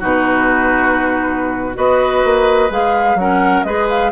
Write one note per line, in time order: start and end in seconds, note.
0.00 1.77 B2
0.00 1.75 D#4
0.00 1.77 F#4
0.00 1.77 B4
1.75 2.24 B3
1.75 2.69 F#4
1.75 3.19 B4
1.75 2.71 D#5
2.25 2.70 A#3
2.70 3.15 G#3
2.70 3.18 G#4
2.70 3.19 F5
3.15 3.62 F#3
3.15 3.66 C#4
3.15 3.66 A#4
3.15 3.64 F#5
3.64 4.12 G#3
3.64 4.12 G#4
3.64 4.12 B4
3.64 3.87 D#5
3.89 4.12 F5